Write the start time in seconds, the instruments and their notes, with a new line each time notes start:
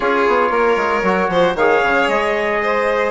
0.00 bassoon C#4, trombone F4, violin G#4, trumpet C#5
0.27 bassoon B3
0.50 bassoon A#3, violin A#4
0.76 bassoon G#3
1.02 bassoon F#3, trombone F#4
1.28 bassoon F3, violin C5
1.55 bassoon D#3, trombone G#4, violin C#5, trumpet F5
1.82 bassoon C#3
2.08 bassoon G#3, trumpet D#5
2.62 violin C5